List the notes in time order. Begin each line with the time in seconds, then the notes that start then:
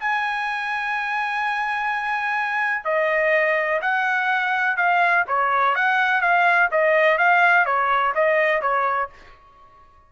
0.00 G#5
2.85 D#5
3.82 F#5
4.77 F5
5.28 C#5
5.76 F#5
6.22 F5
6.72 D#5
7.18 F5
7.66 C#5
8.15 D#5
8.62 C#5